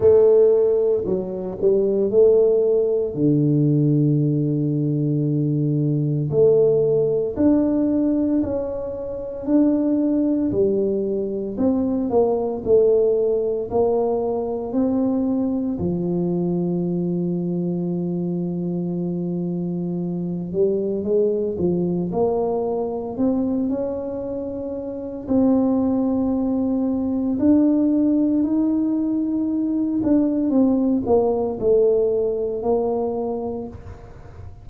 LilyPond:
\new Staff \with { instrumentName = "tuba" } { \time 4/4 \tempo 4 = 57 a4 fis8 g8 a4 d4~ | d2 a4 d'4 | cis'4 d'4 g4 c'8 ais8 | a4 ais4 c'4 f4~ |
f2.~ f8 g8 | gis8 f8 ais4 c'8 cis'4. | c'2 d'4 dis'4~ | dis'8 d'8 c'8 ais8 a4 ais4 | }